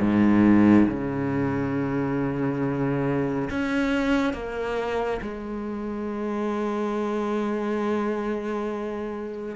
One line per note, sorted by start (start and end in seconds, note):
0.00 0.87 G#2
0.88 3.49 C#3
3.50 4.33 C#4
4.33 5.20 A#3
5.21 9.55 G#3